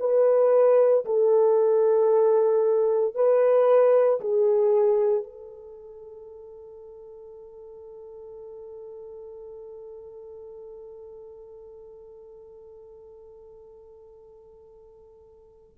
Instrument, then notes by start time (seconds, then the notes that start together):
horn
0.00 B4
1.05 A4
3.15 B4
4.21 G#4
5.24 A4